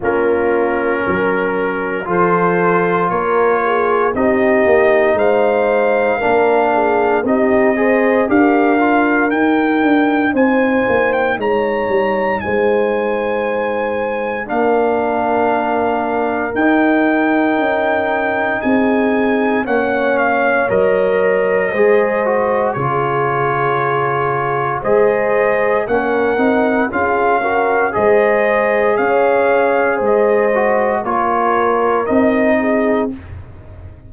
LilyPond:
<<
  \new Staff \with { instrumentName = "trumpet" } { \time 4/4 \tempo 4 = 58 ais'2 c''4 cis''4 | dis''4 f''2 dis''4 | f''4 g''4 gis''8. g''16 ais''4 | gis''2 f''2 |
g''2 gis''4 fis''8 f''8 | dis''2 cis''2 | dis''4 fis''4 f''4 dis''4 | f''4 dis''4 cis''4 dis''4 | }
  \new Staff \with { instrumentName = "horn" } { \time 4/4 f'4 ais'4 a'4 ais'8 gis'8 | g'4 c''4 ais'8 gis'8 g'8 c''8 | ais'2 c''4 cis''4 | c''2 ais'2~ |
ais'2 gis'4 cis''4~ | cis''4 c''4 gis'2 | c''4 ais'4 gis'8 ais'8 c''4 | cis''4 c''4 ais'4. gis'8 | }
  \new Staff \with { instrumentName = "trombone" } { \time 4/4 cis'2 f'2 | dis'2 d'4 dis'8 gis'8 | g'8 f'8 dis'2.~ | dis'2 d'2 |
dis'2. cis'4 | ais'4 gis'8 fis'8 f'2 | gis'4 cis'8 dis'8 f'8 fis'8 gis'4~ | gis'4. fis'8 f'4 dis'4 | }
  \new Staff \with { instrumentName = "tuba" } { \time 4/4 ais4 fis4 f4 ais4 | c'8 ais8 gis4 ais4 c'4 | d'4 dis'8 d'8 c'8 ais8 gis8 g8 | gis2 ais2 |
dis'4 cis'4 c'4 ais4 | fis4 gis4 cis2 | gis4 ais8 c'8 cis'4 gis4 | cis'4 gis4 ais4 c'4 | }
>>